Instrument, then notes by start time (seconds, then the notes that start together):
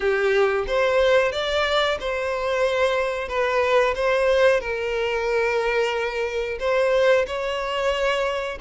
violin
0.00 G4
0.67 C5
1.32 D5
1.99 C5
3.28 B4
3.95 C5
4.60 A#4
6.59 C5
7.26 C#5